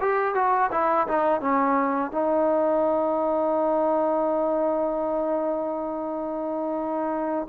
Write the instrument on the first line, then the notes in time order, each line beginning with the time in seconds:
trombone
0.00 G4
0.34 F#4
0.71 E4
1.07 D#4
1.40 C#4
2.11 D#4